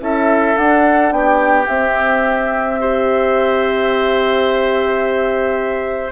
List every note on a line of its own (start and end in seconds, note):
0.00 0.56 C#4
0.00 0.55 E4
0.00 1.14 A4
0.00 0.58 E5
0.55 1.67 D4
0.55 1.12 D4
0.55 1.12 F#5
1.12 1.67 B3
1.12 2.81 G4
1.12 1.68 G5
1.68 6.12 C4
1.68 2.80 C4
1.68 6.12 E5
2.80 6.12 G4
2.80 6.12 C5